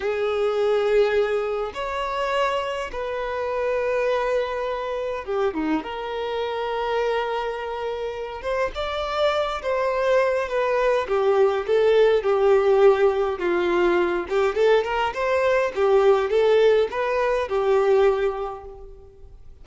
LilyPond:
\new Staff \with { instrumentName = "violin" } { \time 4/4 \tempo 4 = 103 gis'2. cis''4~ | cis''4 b'2.~ | b'4 g'8 dis'8 ais'2~ | ais'2~ ais'8 c''8 d''4~ |
d''8 c''4. b'4 g'4 | a'4 g'2 f'4~ | f'8 g'8 a'8 ais'8 c''4 g'4 | a'4 b'4 g'2 | }